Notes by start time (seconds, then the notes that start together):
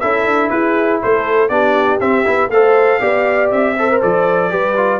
0.00 C#4 E4 A4 E5
0.25 D4
0.50 E4 G#4 B4
1.02 A3 A4 C5
1.49 B3 D4 G4 D5
2.00 C4 E5
2.25 B3 E4
2.49 A3 A4 C5 F5
3.00 B3 G4 D5
3.51 C4 E5
3.79 A4 C5
3.91 A#4
4.02 F3 A4 D5
4.50 G3 G4 B4
4.77 F4